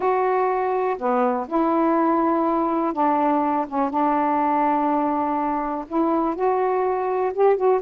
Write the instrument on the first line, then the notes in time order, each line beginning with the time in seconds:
saxophone
0.00 F#4
0.98 B3
1.47 E4
2.93 D4
3.68 C#4
3.90 D4
5.87 E4
6.35 F#4
7.33 G4
7.56 F#4